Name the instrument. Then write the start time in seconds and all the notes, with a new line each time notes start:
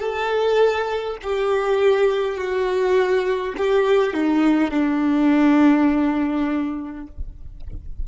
violin
0.00 A4
1.23 G4
2.37 F#4
3.57 G4
4.14 D#4
4.72 D4